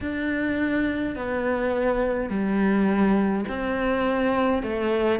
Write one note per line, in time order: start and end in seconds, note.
0.00 1.15 D4
1.15 2.29 B3
2.29 3.45 G3
3.48 4.62 C4
4.62 5.19 A3